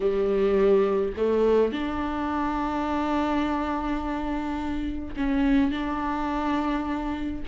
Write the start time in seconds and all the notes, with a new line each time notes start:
0.00 G3
1.17 A3
1.72 D4
5.16 C#4
5.71 D4